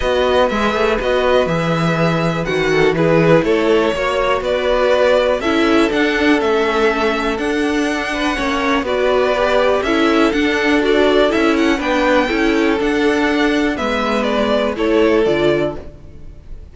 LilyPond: <<
  \new Staff \with { instrumentName = "violin" } { \time 4/4 \tempo 4 = 122 dis''4 e''4 dis''4 e''4~ | e''4 fis''4 b'4 cis''4~ | cis''4 d''2 e''4 | fis''4 e''2 fis''4~ |
fis''2 d''2 | e''4 fis''4 d''4 e''8 fis''8 | g''2 fis''2 | e''4 d''4 cis''4 d''4 | }
  \new Staff \with { instrumentName = "violin" } { \time 4/4 b'1~ | b'4. a'8 gis'4 a'4 | cis''4 b'2 a'4~ | a'1~ |
a'8 b'8 cis''4 b'2 | a'1 | b'4 a'2. | b'2 a'2 | }
  \new Staff \with { instrumentName = "viola" } { \time 4/4 fis'4 gis'4 fis'4 gis'4~ | gis'4 fis'4 e'2 | fis'2. e'4 | d'4 cis'2 d'4~ |
d'4 cis'4 fis'4 g'4 | e'4 d'4 fis'4 e'4 | d'4 e'4 d'2 | b2 e'4 f'4 | }
  \new Staff \with { instrumentName = "cello" } { \time 4/4 b4 gis8 a8 b4 e4~ | e4 dis4 e4 a4 | ais4 b2 cis'4 | d'4 a2 d'4~ |
d'4 ais4 b2 | cis'4 d'2 cis'4 | b4 cis'4 d'2 | gis2 a4 d4 | }
>>